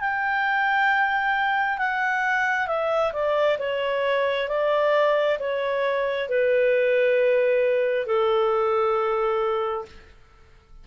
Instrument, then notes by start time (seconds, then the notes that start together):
clarinet
0.00 G5
1.77 F#5
2.67 E5
3.13 D5
3.59 C#5
4.49 D5
5.39 C#5
6.29 B4
8.06 A4